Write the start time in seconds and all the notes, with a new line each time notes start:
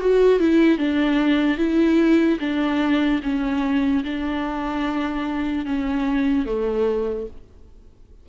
0.00 F#4
0.39 E4
0.78 D4
1.57 E4
2.40 D4
3.22 C#4
4.04 D4
5.65 C#4
6.46 A3